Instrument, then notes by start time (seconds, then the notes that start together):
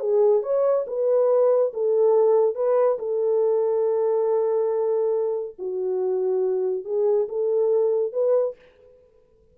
horn
0.00 G#4
0.43 C#5
0.87 B4
1.74 A4
2.55 B4
2.99 A4
5.59 F#4
6.85 G#4
7.29 A4
8.13 B4